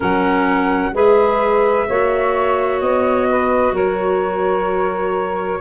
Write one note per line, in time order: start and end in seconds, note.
0.00 0.93 F#3
0.00 0.93 C#4
0.00 0.91 A#4
0.00 0.95 F#5
0.93 1.86 G#3
0.93 1.87 G#4
0.93 1.87 B4
0.93 2.80 E5
1.87 2.81 A#3
1.87 5.60 F#4
1.87 3.28 C#5
2.80 3.71 B3
2.80 3.74 D#5
3.29 3.73 B4
3.71 5.59 F#3
3.71 5.60 A#4
3.71 5.60 C#5